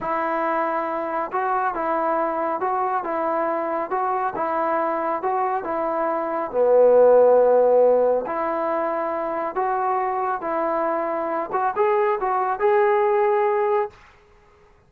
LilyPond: \new Staff \with { instrumentName = "trombone" } { \time 4/4 \tempo 4 = 138 e'2. fis'4 | e'2 fis'4 e'4~ | e'4 fis'4 e'2 | fis'4 e'2 b4~ |
b2. e'4~ | e'2 fis'2 | e'2~ e'8 fis'8 gis'4 | fis'4 gis'2. | }